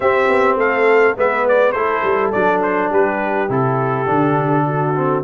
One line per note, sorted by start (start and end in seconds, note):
0.00 0.28 C4
0.00 1.16 C4
0.00 0.58 G4
0.00 0.57 E5
0.28 0.56 B3
0.56 1.14 A3
0.56 1.16 A4
0.56 1.17 F5
1.16 1.73 G#3
1.16 1.75 B3
1.16 1.74 B4
1.16 1.47 E5
1.48 1.72 D5
1.72 2.02 A3
1.72 2.33 E4
1.72 2.90 A4
1.72 2.30 C5
2.03 2.32 G3
2.32 2.92 F#3
2.32 3.49 D4
2.32 2.61 D5
2.62 2.91 C5
2.90 3.49 G3
2.90 4.65 G4
2.90 3.51 B4
3.49 4.07 C3
3.49 4.06 E4
3.49 5.24 A4
4.06 5.24 D3
4.06 4.94 D4
4.67 5.24 F#4
4.94 5.24 C4